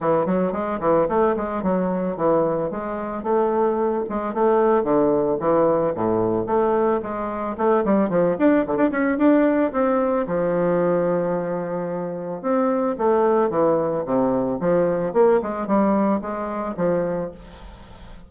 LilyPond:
\new Staff \with { instrumentName = "bassoon" } { \time 4/4 \tempo 4 = 111 e8 fis8 gis8 e8 a8 gis8 fis4 | e4 gis4 a4. gis8 | a4 d4 e4 a,4 | a4 gis4 a8 g8 f8 d'8 |
d16 d'16 cis'8 d'4 c'4 f4~ | f2. c'4 | a4 e4 c4 f4 | ais8 gis8 g4 gis4 f4 | }